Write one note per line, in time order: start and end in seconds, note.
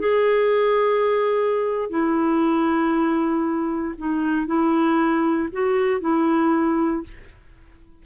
0.00 1.90 G#4
1.90 3.96 E4
3.98 4.47 D#4
4.47 5.50 E4
5.53 6.01 F#4
6.01 7.04 E4